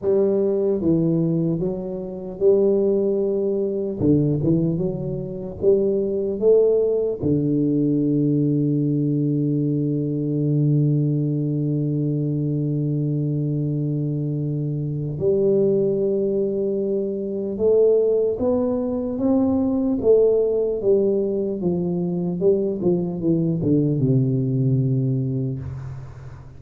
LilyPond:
\new Staff \with { instrumentName = "tuba" } { \time 4/4 \tempo 4 = 75 g4 e4 fis4 g4~ | g4 d8 e8 fis4 g4 | a4 d2.~ | d1~ |
d2. g4~ | g2 a4 b4 | c'4 a4 g4 f4 | g8 f8 e8 d8 c2 | }